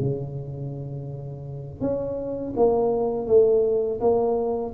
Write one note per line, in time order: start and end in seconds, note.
0.00 1.81 C#3
1.81 2.54 C#4
2.57 3.27 A#3
3.27 4.00 A3
4.01 4.74 A#3